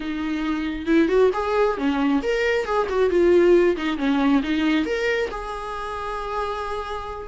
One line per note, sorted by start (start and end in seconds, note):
0.00 0.86 D#4
0.86 1.08 E4
1.08 1.30 F#4
1.33 1.77 G#4
1.77 2.21 C#4
2.23 2.65 A#4
2.65 2.87 G#4
2.89 3.09 F#4
3.09 3.76 F4
3.76 3.97 D#4
3.97 4.41 C#4
4.42 4.85 D#4
4.85 5.29 A#4
5.31 7.28 G#4